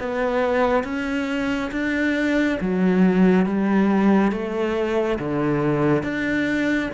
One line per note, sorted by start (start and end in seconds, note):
0.00 0.85 B3
0.85 1.72 C#4
1.72 2.59 D4
2.61 3.46 F#3
3.46 4.32 G3
4.32 5.19 A3
5.19 6.03 D3
6.03 6.90 D4